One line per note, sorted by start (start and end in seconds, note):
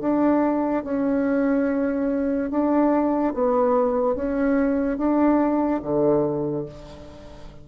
0.00 0.83 D4
0.83 2.50 C#4
2.50 3.33 D4
3.33 4.15 B3
4.15 4.97 C#4
4.97 5.81 D4
5.82 6.65 D3